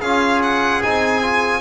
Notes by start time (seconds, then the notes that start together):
0.00 C#4 F4 G#4 F5
0.42 F#5
0.82 C4 D#4 G#5
1.22 F4